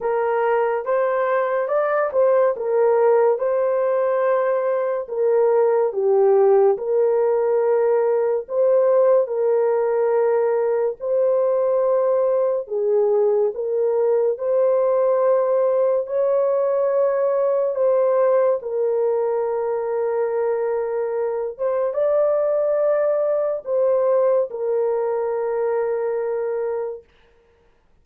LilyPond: \new Staff \with { instrumentName = "horn" } { \time 4/4 \tempo 4 = 71 ais'4 c''4 d''8 c''8 ais'4 | c''2 ais'4 g'4 | ais'2 c''4 ais'4~ | ais'4 c''2 gis'4 |
ais'4 c''2 cis''4~ | cis''4 c''4 ais'2~ | ais'4. c''8 d''2 | c''4 ais'2. | }